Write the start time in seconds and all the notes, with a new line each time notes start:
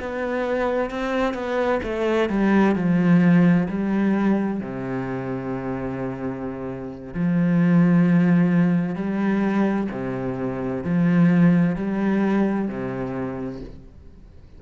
0.00 B3
0.90 C4
1.34 B3
1.83 A3
2.30 G3
2.76 F3
3.69 G3
4.60 C3
7.14 F3
8.96 G3
9.91 C3
10.84 F3
11.76 G3
12.68 C3